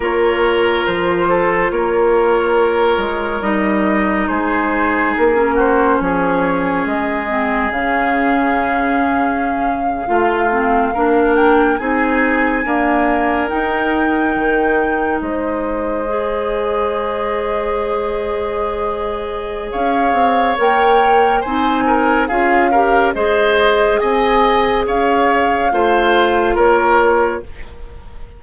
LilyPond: <<
  \new Staff \with { instrumentName = "flute" } { \time 4/4 \tempo 4 = 70 cis''4 c''4 cis''2 | dis''4 c''4 ais'8 c''8 cis''4 | dis''4 f''2.~ | f''4~ f''16 g''8 gis''2 g''16~ |
g''4.~ g''16 dis''2~ dis''16~ | dis''2. f''4 | g''4 gis''4 f''4 dis''4 | gis''4 f''2 cis''4 | }
  \new Staff \with { instrumentName = "oboe" } { \time 4/4 ais'4. a'8 ais'2~ | ais'4 gis'4. fis'8 gis'4~ | gis'2.~ gis'8. f'16~ | f'8. ais'4 gis'4 ais'4~ ais'16~ |
ais'4.~ ais'16 c''2~ c''16~ | c''2. cis''4~ | cis''4 c''8 ais'8 gis'8 ais'8 c''4 | dis''4 cis''4 c''4 ais'4 | }
  \new Staff \with { instrumentName = "clarinet" } { \time 4/4 f'1 | dis'2~ dis'16 cis'4.~ cis'16~ | cis'8 c'8 cis'2~ cis'8. f'16~ | f'16 c'8 d'4 dis'4 ais4 dis'16~ |
dis'2~ dis'8. gis'4~ gis'16~ | gis'1 | ais'4 dis'4 f'8 g'8 gis'4~ | gis'2 f'2 | }
  \new Staff \with { instrumentName = "bassoon" } { \time 4/4 ais4 f4 ais4. gis8 | g4 gis4 ais4 f4 | gis4 cis2~ cis8. a16~ | a8. ais4 c'4 d'4 dis'16~ |
dis'8. dis4 gis2~ gis16~ | gis2. cis'8 c'8 | ais4 c'4 cis'4 gis4 | c'4 cis'4 a4 ais4 | }
>>